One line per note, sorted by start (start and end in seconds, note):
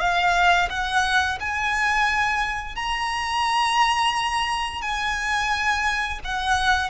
0.00 0.69 F5
0.70 1.39 F#5
1.40 2.76 G#5
2.76 4.82 A#5
4.82 6.20 G#5
6.24 6.90 F#5